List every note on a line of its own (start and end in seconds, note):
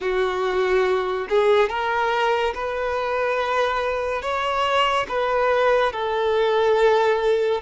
0.00 1.27 F#4
1.29 1.69 G#4
1.69 2.54 A#4
2.54 4.21 B4
4.21 5.06 C#5
5.08 5.92 B4
5.92 7.61 A4